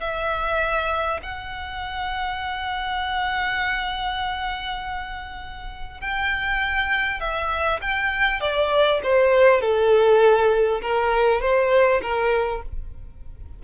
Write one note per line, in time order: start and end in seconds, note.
0.00 1.20 E5
1.22 6.01 F#5
6.01 7.20 G5
7.20 7.80 E5
7.81 8.41 G5
8.41 9.01 D5
9.04 9.61 C5
9.61 10.81 A4
10.81 11.41 A#4
11.41 12.01 C5
12.02 12.62 A#4